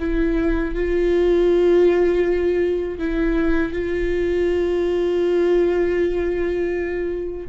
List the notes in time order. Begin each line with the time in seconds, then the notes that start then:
0.00 E4
0.75 F4
2.99 E4
3.73 F4